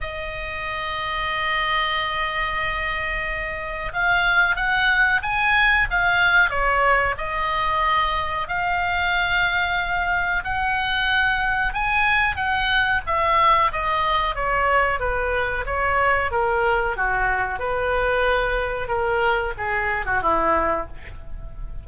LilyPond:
\new Staff \with { instrumentName = "oboe" } { \time 4/4 \tempo 4 = 92 dis''1~ | dis''2 f''4 fis''4 | gis''4 f''4 cis''4 dis''4~ | dis''4 f''2. |
fis''2 gis''4 fis''4 | e''4 dis''4 cis''4 b'4 | cis''4 ais'4 fis'4 b'4~ | b'4 ais'4 gis'8. fis'16 e'4 | }